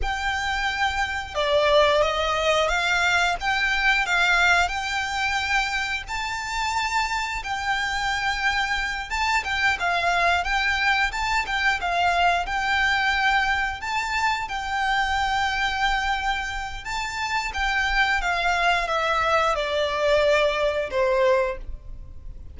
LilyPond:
\new Staff \with { instrumentName = "violin" } { \time 4/4 \tempo 4 = 89 g''2 d''4 dis''4 | f''4 g''4 f''4 g''4~ | g''4 a''2 g''4~ | g''4. a''8 g''8 f''4 g''8~ |
g''8 a''8 g''8 f''4 g''4.~ | g''8 a''4 g''2~ g''8~ | g''4 a''4 g''4 f''4 | e''4 d''2 c''4 | }